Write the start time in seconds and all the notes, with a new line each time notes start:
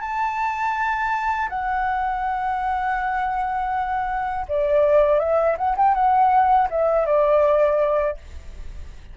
0.00 A5
1.49 F#5
4.48 D5
5.19 E5
5.57 F#5
5.76 G5
5.94 F#5
6.70 E5
7.06 D5